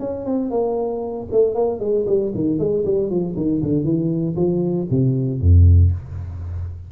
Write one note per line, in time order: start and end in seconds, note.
0.00 0.26 C#4
0.26 0.51 C4
0.51 1.28 A#3
1.32 1.55 A3
1.55 1.80 A#3
1.80 2.06 G#3
2.07 2.33 G3
2.35 2.59 D#3
2.59 2.85 G#3
2.86 3.10 G3
3.10 3.36 F3
3.37 3.62 D#3
3.63 3.84 D3
3.84 4.36 E3
4.36 4.88 F3
4.91 5.41 C3
5.41 5.92 F2